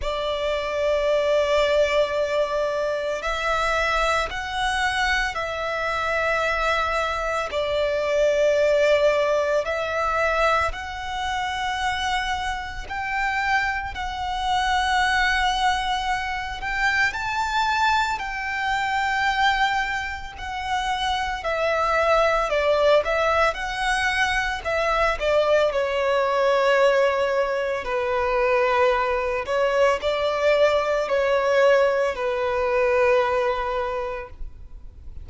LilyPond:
\new Staff \with { instrumentName = "violin" } { \time 4/4 \tempo 4 = 56 d''2. e''4 | fis''4 e''2 d''4~ | d''4 e''4 fis''2 | g''4 fis''2~ fis''8 g''8 |
a''4 g''2 fis''4 | e''4 d''8 e''8 fis''4 e''8 d''8 | cis''2 b'4. cis''8 | d''4 cis''4 b'2 | }